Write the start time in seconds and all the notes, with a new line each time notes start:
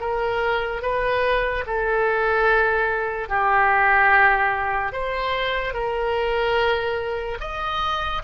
0.00 A#4
0.82 B4
1.67 A4
3.29 G4
4.93 C5
5.74 A#4
7.40 D#5